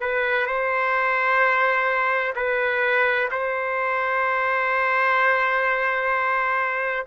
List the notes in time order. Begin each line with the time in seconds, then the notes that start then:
0.00 B4
0.46 C5
2.35 B4
3.31 C5